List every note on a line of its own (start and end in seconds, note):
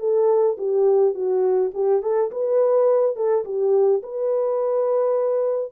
0.00 0.57 A4
0.58 1.15 G4
1.15 1.72 F#4
1.75 2.03 G4
2.03 2.31 A4
2.32 3.16 B4
3.16 3.45 A4
3.45 4.02 G4
4.04 5.72 B4